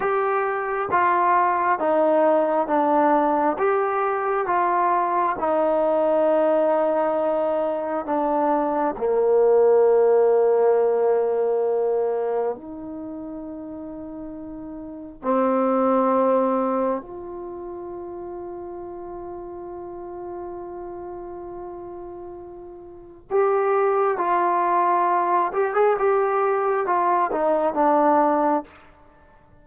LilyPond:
\new Staff \with { instrumentName = "trombone" } { \time 4/4 \tempo 4 = 67 g'4 f'4 dis'4 d'4 | g'4 f'4 dis'2~ | dis'4 d'4 ais2~ | ais2 dis'2~ |
dis'4 c'2 f'4~ | f'1~ | f'2 g'4 f'4~ | f'8 g'16 gis'16 g'4 f'8 dis'8 d'4 | }